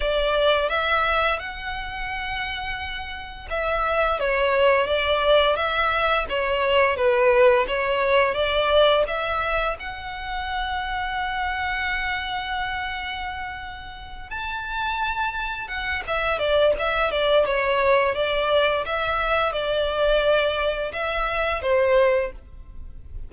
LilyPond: \new Staff \with { instrumentName = "violin" } { \time 4/4 \tempo 4 = 86 d''4 e''4 fis''2~ | fis''4 e''4 cis''4 d''4 | e''4 cis''4 b'4 cis''4 | d''4 e''4 fis''2~ |
fis''1~ | fis''8 a''2 fis''8 e''8 d''8 | e''8 d''8 cis''4 d''4 e''4 | d''2 e''4 c''4 | }